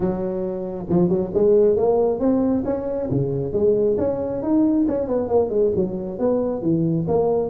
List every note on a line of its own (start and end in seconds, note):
0.00 0.86 F#3
0.89 1.09 F3
1.09 1.31 F#3
1.34 1.76 G#3
1.76 2.19 A#3
2.19 2.63 C4
2.64 3.08 C#4
3.10 3.52 C#3
3.52 3.96 G#3
3.98 4.42 C#4
4.42 4.86 D#4
4.87 5.07 C#4
5.07 5.28 B3
5.28 5.49 A#3
5.49 5.71 G#3
5.75 6.18 F#3
6.18 6.62 B3
6.62 7.06 E3
7.07 7.49 A#3